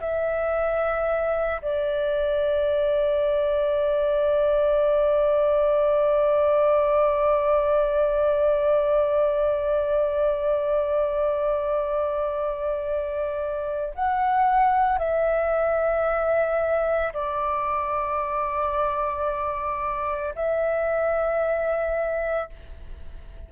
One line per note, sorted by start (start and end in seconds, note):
0.00 1.61 E5
1.62 13.94 D5
13.95 14.99 F#5
14.99 17.13 E5
17.13 20.34 D5
20.35 22.50 E5